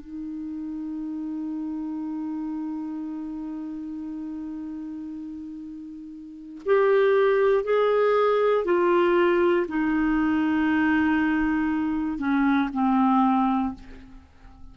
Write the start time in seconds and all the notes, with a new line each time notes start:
0.00 D#4
6.65 G4
7.64 G#4
8.64 F4
9.67 D#4
12.18 C#4
12.73 C4